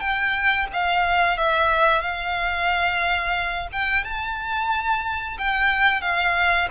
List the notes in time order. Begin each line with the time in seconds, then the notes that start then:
0.00 G5
0.73 F5
1.37 E5
2.01 F5
3.72 G5
4.04 A5
5.38 G5
6.02 F5